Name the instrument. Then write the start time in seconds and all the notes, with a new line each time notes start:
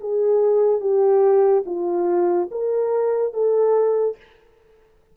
horn
0.00 G#4
0.80 G4
1.66 F4
2.51 A#4
3.33 A4